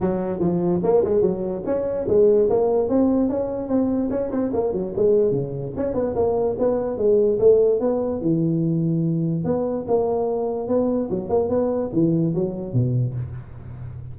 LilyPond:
\new Staff \with { instrumentName = "tuba" } { \time 4/4 \tempo 4 = 146 fis4 f4 ais8 gis8 fis4 | cis'4 gis4 ais4 c'4 | cis'4 c'4 cis'8 c'8 ais8 fis8 | gis4 cis4 cis'8 b8 ais4 |
b4 gis4 a4 b4 | e2. b4 | ais2 b4 fis8 ais8 | b4 e4 fis4 b,4 | }